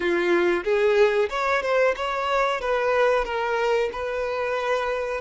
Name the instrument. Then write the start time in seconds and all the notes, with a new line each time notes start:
violin
0.00 F4
0.63 G#4
1.29 C#5
1.62 C5
1.96 C#5
2.61 B4
3.24 A#4
3.92 B4